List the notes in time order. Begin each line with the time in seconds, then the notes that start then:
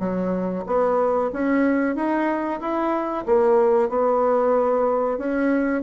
0.00 F#3
0.67 B3
1.33 C#4
1.96 D#4
2.61 E4
3.26 A#3
3.90 B3
5.18 C#4